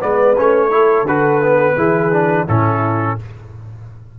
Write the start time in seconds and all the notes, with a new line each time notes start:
0.00 G#3 B3 B4 D5
0.38 A3 C#4 C#5
0.71 E4 A4
1.03 D3 F#4 B4
1.42 B3
1.77 E3 E4 G#4
2.13 D4
2.48 A2 C#4 E4 A4